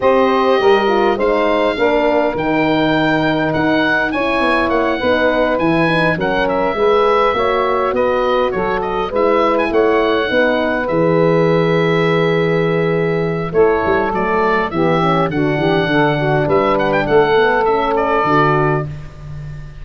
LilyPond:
<<
  \new Staff \with { instrumentName = "oboe" } { \time 4/4 \tempo 4 = 102 dis''2 f''2 | g''2 fis''4 gis''4 | fis''4. gis''4 fis''8 e''4~ | e''4. dis''4 cis''8 dis''8 e''8~ |
e''16 gis''16 fis''2 e''4.~ | e''2. cis''4 | d''4 e''4 fis''2 | e''8 fis''16 g''16 fis''4 e''8 d''4. | }
  \new Staff \with { instrumentName = "saxophone" } { \time 4/4 c''4 ais'4 c''4 ais'4~ | ais'2. cis''4~ | cis''8 b'2 ais'4 b'8~ | b'8 cis''4 b'4 a'4 b'8~ |
b'8 cis''4 b'2~ b'8~ | b'2. a'4~ | a'4 g'4 fis'8 g'8 a'8 fis'8 | b'4 a'2. | }
  \new Staff \with { instrumentName = "horn" } { \time 4/4 g'4. f'8 dis'4 d'4 | dis'2. e'4~ | e'8 dis'4 e'8 dis'8 cis'4 gis'8~ | gis'8 fis'2. e'8~ |
e'4. dis'4 gis'4.~ | gis'2. e'4 | a4 b8 cis'8 d'2~ | d'4. b8 cis'4 fis'4 | }
  \new Staff \with { instrumentName = "tuba" } { \time 4/4 c'4 g4 gis4 ais4 | dis2 dis'4 cis'8 b8 | ais8 b4 e4 fis4 gis8~ | gis8 ais4 b4 fis4 gis8~ |
gis8 a4 b4 e4.~ | e2. a8 g8 | fis4 e4 d8 e8 d4 | g4 a2 d4 | }
>>